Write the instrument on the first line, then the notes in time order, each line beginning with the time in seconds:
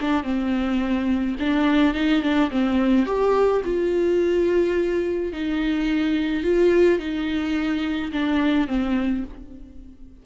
viola
0.00 D4
0.23 C4
1.39 D4
1.94 D#4
2.22 D4
2.50 C4
3.06 G4
3.64 F4
5.32 D#4
6.43 F4
6.99 D#4
8.12 D4
8.67 C4